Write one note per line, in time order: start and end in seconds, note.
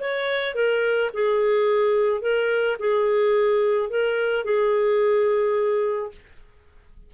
0.00 0.55 C#5
0.55 1.10 A#4
1.14 2.21 G#4
2.21 2.77 A#4
2.79 3.90 G#4
3.90 4.44 A#4
4.44 6.11 G#4